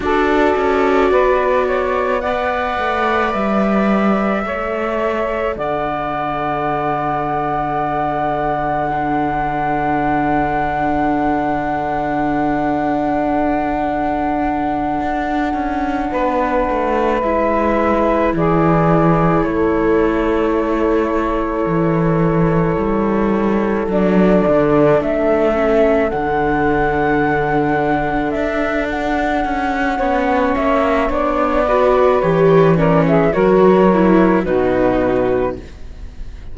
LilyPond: <<
  \new Staff \with { instrumentName = "flute" } { \time 4/4 \tempo 4 = 54 d''2 fis''4 e''4~ | e''4 fis''2.~ | fis''1~ | fis''2.~ fis''8 e''8~ |
e''8 d''4 cis''2~ cis''8~ | cis''4. d''4 e''4 fis''8~ | fis''4. e''8 fis''4. e''8 | d''4 cis''8 d''16 e''16 cis''4 b'4 | }
  \new Staff \with { instrumentName = "saxophone" } { \time 4/4 a'4 b'8 cis''8 d''2 | cis''4 d''2. | a'1~ | a'2~ a'8 b'4.~ |
b'8 gis'4 a'2~ a'8~ | a'1~ | a'2. cis''4~ | cis''8 b'4 ais'16 gis'16 ais'4 fis'4 | }
  \new Staff \with { instrumentName = "viola" } { \time 4/4 fis'2 b'2 | a'1 | d'1~ | d'2.~ d'8 e'8~ |
e'1~ | e'4. d'4. cis'8 d'8~ | d'2. cis'4 | d'8 fis'8 g'8 cis'8 fis'8 e'8 dis'4 | }
  \new Staff \with { instrumentName = "cello" } { \time 4/4 d'8 cis'8 b4. a8 g4 | a4 d2.~ | d1~ | d4. d'8 cis'8 b8 a8 gis8~ |
gis8 e4 a2 e8~ | e8 g4 fis8 d8 a4 d8~ | d4. d'4 cis'8 b8 ais8 | b4 e4 fis4 b,4 | }
>>